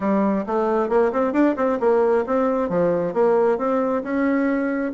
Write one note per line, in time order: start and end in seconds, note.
0.00 0.45 G3
0.46 0.89 A3
0.89 1.11 A#3
1.12 1.32 C4
1.32 1.55 D4
1.56 1.78 C4
1.80 2.24 A#3
2.26 2.69 C4
2.69 3.13 F3
3.13 3.58 A#3
3.58 4.03 C4
4.03 4.92 C#4